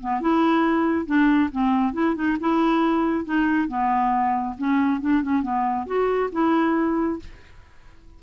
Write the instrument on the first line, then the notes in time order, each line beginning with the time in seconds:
clarinet
0.00 B3
0.21 E4
1.06 D4
1.51 C4
1.93 E4
2.15 D#4
2.39 E4
3.24 D#4
3.68 B3
4.57 C#4
5.00 D4
5.22 C#4
5.42 B3
5.86 F#4
6.32 E4